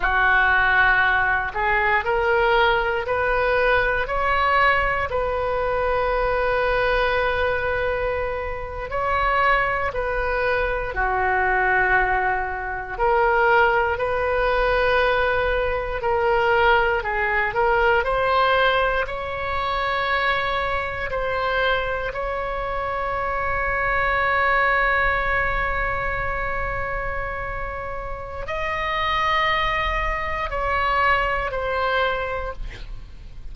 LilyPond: \new Staff \with { instrumentName = "oboe" } { \time 4/4 \tempo 4 = 59 fis'4. gis'8 ais'4 b'4 | cis''4 b'2.~ | b'8. cis''4 b'4 fis'4~ fis'16~ | fis'8. ais'4 b'2 ais'16~ |
ais'8. gis'8 ais'8 c''4 cis''4~ cis''16~ | cis''8. c''4 cis''2~ cis''16~ | cis''1 | dis''2 cis''4 c''4 | }